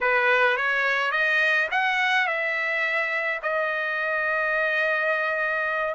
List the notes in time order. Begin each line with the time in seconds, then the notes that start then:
0.00 B4
0.56 C#5
1.11 D#5
1.71 F#5
2.27 E5
3.42 D#5